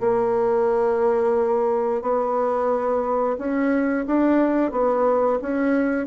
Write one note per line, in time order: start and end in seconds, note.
0.00 2.02 A#3
2.02 3.36 B3
3.38 4.06 C#4
4.06 4.72 D4
4.72 5.39 B3
5.41 6.06 C#4